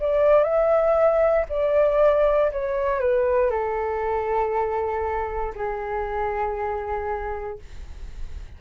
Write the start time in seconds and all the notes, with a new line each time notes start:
0.00 D5
0.43 E5
1.49 D5
2.51 C#5
3.00 B4
3.50 A4
5.55 G#4